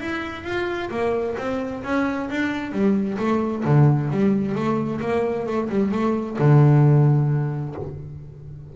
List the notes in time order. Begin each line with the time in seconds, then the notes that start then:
0.00 E4
0.44 F4
0.90 A#3
1.37 C4
1.83 C#4
2.30 D4
2.72 G3
3.18 A3
3.64 D3
4.11 G3
4.55 A3
5.01 A#3
5.46 A3
5.69 G3
5.91 A3
6.38 D3